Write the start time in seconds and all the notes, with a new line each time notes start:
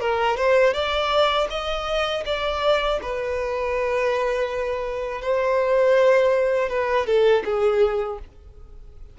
0.00 A#4
0.37 C5
0.73 D5
1.50 D#5
2.26 D5
3.02 B4
5.22 C5
6.69 B4
7.06 A4
7.45 G#4